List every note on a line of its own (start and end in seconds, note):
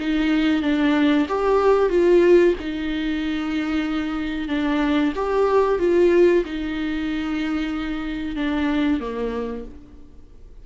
0.00 0.62 D#4
0.62 1.27 D4
1.29 1.90 G4
1.90 2.54 F4
2.60 4.48 D#4
4.48 5.13 D4
5.16 5.79 G4
5.79 6.44 F4
6.45 8.36 D#4
8.36 9.00 D4
9.00 9.65 A#3